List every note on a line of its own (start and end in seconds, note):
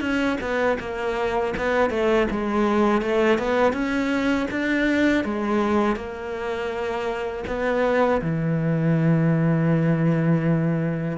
0.00 0.37 C#4
0.40 0.77 B3
0.79 1.54 A#3
1.57 1.90 B3
1.90 2.27 A3
2.30 3.01 G#3
3.01 3.38 A3
3.38 3.73 B3
3.73 4.47 C#4
4.51 5.24 D4
5.24 5.95 G#3
5.95 7.43 A#3
7.47 8.21 B3
8.21 11.17 E3